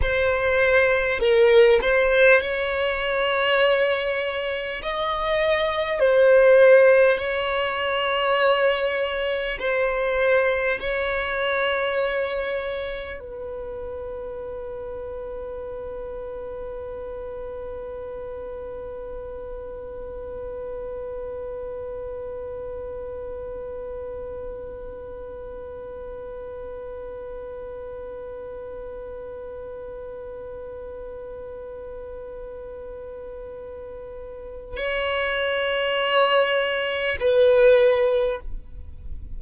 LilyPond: \new Staff \with { instrumentName = "violin" } { \time 4/4 \tempo 4 = 50 c''4 ais'8 c''8 cis''2 | dis''4 c''4 cis''2 | c''4 cis''2 b'4~ | b'1~ |
b'1~ | b'1~ | b'1~ | b'4 cis''2 b'4 | }